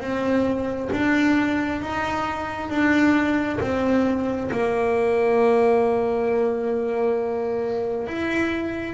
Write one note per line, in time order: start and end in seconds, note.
0.00 0.90 C4
0.92 1.82 D4
1.82 2.70 D#4
2.70 3.59 D4
3.61 4.50 C4
4.51 8.07 A#3
8.07 8.94 E4